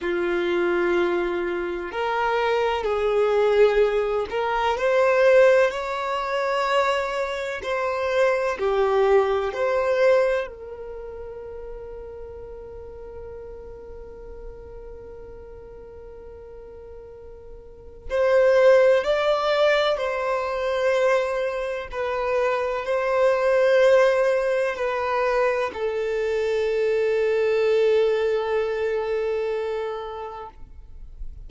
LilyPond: \new Staff \with { instrumentName = "violin" } { \time 4/4 \tempo 4 = 63 f'2 ais'4 gis'4~ | gis'8 ais'8 c''4 cis''2 | c''4 g'4 c''4 ais'4~ | ais'1~ |
ais'2. c''4 | d''4 c''2 b'4 | c''2 b'4 a'4~ | a'1 | }